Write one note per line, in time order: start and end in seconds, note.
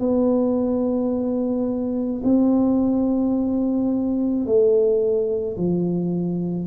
0.00 2.22 B3
2.24 4.46 C4
4.46 5.57 A3
5.58 6.68 F3